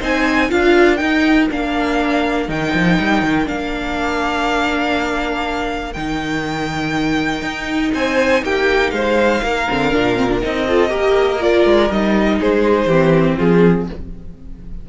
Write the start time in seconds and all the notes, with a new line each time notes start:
0.00 C4 D#4 C5 G#5
0.49 D4 F4 A#4 F5
0.97 D#4 G5
1.51 A#3 D4 F5
2.48 D#3 D#4 G5
2.74 F3
3.00 G3
3.23 D#3
3.45 A#3 D4 F5
5.93 D#3 D#4 G5
7.42 D#4
7.94 C4 C5 G#5
8.43 A#3 G4 G5
8.91 G#3 C5 F5
9.43 A#3 A#4
9.69 D3 C4
9.92 A#2 D4
10.16 C4
10.29 D4
10.41 C4 D#4 D#5
10.67 F4 A4
10.89 A#3 G4 A#4
11.40 F4 D5
11.66 G#3
11.90 G3 D#4 D#5
12.39 G#3 G#4 C5
12.86 E3 C4 G4
13.37 F3 F4 G#4